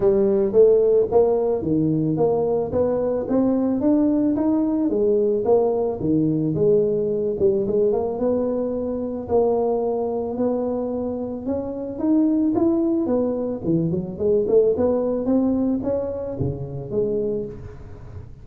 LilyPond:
\new Staff \with { instrumentName = "tuba" } { \time 4/4 \tempo 4 = 110 g4 a4 ais4 dis4 | ais4 b4 c'4 d'4 | dis'4 gis4 ais4 dis4 | gis4. g8 gis8 ais8 b4~ |
b4 ais2 b4~ | b4 cis'4 dis'4 e'4 | b4 e8 fis8 gis8 a8 b4 | c'4 cis'4 cis4 gis4 | }